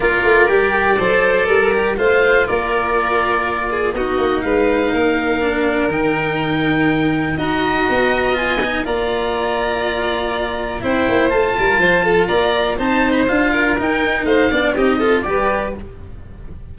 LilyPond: <<
  \new Staff \with { instrumentName = "oboe" } { \time 4/4 \tempo 4 = 122 d''1 | f''4 d''2. | dis''4 f''2. | g''2. ais''4~ |
ais''4 gis''4 ais''2~ | ais''2 g''4 a''4~ | a''4 ais''4 a''8. b''16 f''4 | g''4 f''4 dis''4 d''4 | }
  \new Staff \with { instrumentName = "violin" } { \time 4/4 ais'2 c''4 ais'4 | c''4 ais'2~ ais'8 gis'8 | fis'4 b'4 ais'2~ | ais'2. dis''4~ |
dis''2 d''2~ | d''2 c''4. ais'8 | c''8 a'8 d''4 c''4. ais'8~ | ais'4 c''8 d''8 g'8 a'8 b'4 | }
  \new Staff \with { instrumentName = "cello" } { \time 4/4 f'4 g'4 a'4. g'8 | f'1 | dis'2. d'4 | dis'2. fis'4~ |
fis'4 f'8 dis'8 f'2~ | f'2 e'4 f'4~ | f'2 dis'4 f'4 | dis'4. d'8 dis'8 f'8 g'4 | }
  \new Staff \with { instrumentName = "tuba" } { \time 4/4 ais8 a8 g4 fis4 g4 | a4 ais2. | b8 ais8 gis4 ais2 | dis2. dis'4 |
b2 ais2~ | ais2 c'8 ais8 a8 g8 | f4 ais4 c'4 d'4 | dis'4 a8 b8 c'4 g4 | }
>>